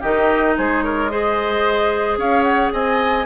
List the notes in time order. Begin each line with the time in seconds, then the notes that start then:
0.00 D#3 D#4 G4 D#5
0.58 G#3 G#4 C5
0.83 A#4 C#5
1.09 G#4 C5 D#5
2.17 C#4 C#5 F5
2.43 F#5
2.73 C4 D#5 G#5